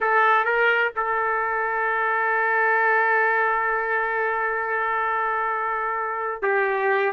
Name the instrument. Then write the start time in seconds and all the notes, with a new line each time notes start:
trumpet
0.00 A4
0.44 A#4
0.96 A4
6.42 G4